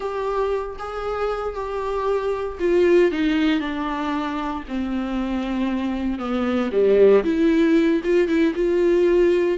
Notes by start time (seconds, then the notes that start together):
0.00 G4
0.78 G#4
1.54 G4
2.59 F4
3.11 D#4
3.60 D4
4.67 C4
6.18 B3
6.71 G3
7.24 E4
8.04 F4
8.28 E4
8.55 F4